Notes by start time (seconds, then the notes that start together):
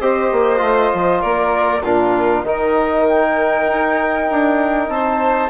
0.00 C4 G4 C5 D#5
0.32 A#3
0.58 A3 F4
0.94 F3
1.21 A#3 A#4 D5
1.83 A#2 D4 F4 A#4
2.43 D#3 D#4 A#4 D#5
3.08 G5
3.68 D#4
4.31 D4
4.89 C4 C5 A5